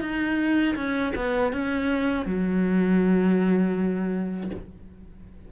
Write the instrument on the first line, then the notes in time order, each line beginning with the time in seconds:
cello
0.00 D#4
0.75 C#4
1.15 B3
1.52 C#4
2.25 F#3